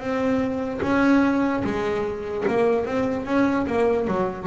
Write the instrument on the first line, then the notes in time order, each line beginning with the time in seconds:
double bass
0.00 C4
0.83 C#4
1.64 G#3
2.48 A#3
2.86 C4
3.26 C#4
3.67 A#3
4.08 F#3